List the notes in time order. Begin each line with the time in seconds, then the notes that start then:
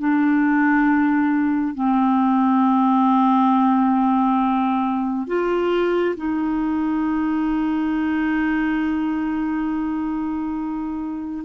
0.00 D4
1.75 C4
5.28 F4
6.17 D#4